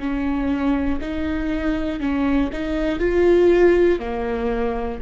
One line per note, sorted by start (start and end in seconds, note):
0.00 1.00 C#4
1.00 2.00 D#4
2.00 2.50 C#4
2.53 2.99 D#4
2.99 3.99 F4
3.99 4.99 A#3